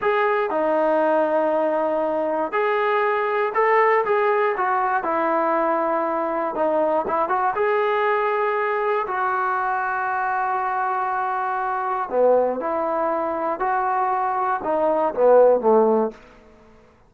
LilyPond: \new Staff \with { instrumentName = "trombone" } { \time 4/4 \tempo 4 = 119 gis'4 dis'2.~ | dis'4 gis'2 a'4 | gis'4 fis'4 e'2~ | e'4 dis'4 e'8 fis'8 gis'4~ |
gis'2 fis'2~ | fis'1 | b4 e'2 fis'4~ | fis'4 dis'4 b4 a4 | }